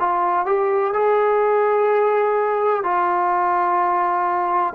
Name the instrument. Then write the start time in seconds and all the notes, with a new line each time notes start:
trombone
0.00 F4
0.46 G4
0.94 G#4
2.84 F4